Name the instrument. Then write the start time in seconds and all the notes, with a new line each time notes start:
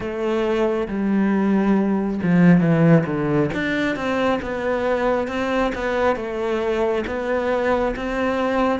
cello
0.00 A3
0.87 G3
2.23 F3
2.60 E3
3.06 D3
3.54 D4
3.95 C4
4.42 B3
5.27 C4
5.74 B3
6.16 A3
7.06 B3
7.96 C4